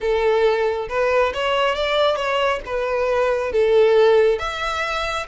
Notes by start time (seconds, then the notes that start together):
0.00 A4
0.88 B4
1.34 C#5
1.75 D5
2.16 C#5
2.65 B4
3.52 A4
4.38 E5